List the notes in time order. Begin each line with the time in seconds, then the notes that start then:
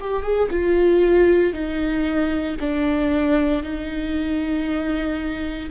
0.00 G4
0.23 G#4
0.51 F4
1.53 D#4
2.60 D4
3.63 D#4